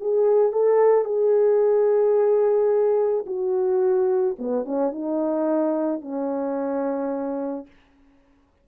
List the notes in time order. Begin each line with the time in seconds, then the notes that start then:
0.00 G#4
0.52 A4
1.05 G#4
3.26 F#4
4.39 B3
4.65 C#4
4.91 D#4
6.01 C#4